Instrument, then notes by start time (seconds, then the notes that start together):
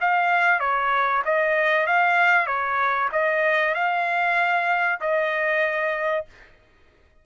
trumpet
0.00 F5
0.60 C#5
1.25 D#5
1.86 F5
2.46 C#5
3.12 D#5
3.74 F5
5.00 D#5